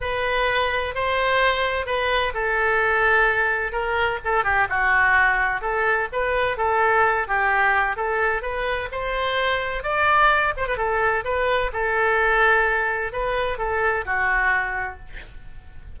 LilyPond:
\new Staff \with { instrumentName = "oboe" } { \time 4/4 \tempo 4 = 128 b'2 c''2 | b'4 a'2. | ais'4 a'8 g'8 fis'2 | a'4 b'4 a'4. g'8~ |
g'4 a'4 b'4 c''4~ | c''4 d''4. c''16 b'16 a'4 | b'4 a'2. | b'4 a'4 fis'2 | }